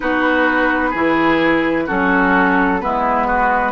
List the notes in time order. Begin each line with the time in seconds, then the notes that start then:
0.00 B3 D#4 F#4 B4
0.90 E3 E4 G#4
1.86 F#3 C#4 F#4 A4
2.80 G#3 B3 E4 B4
3.27 F#4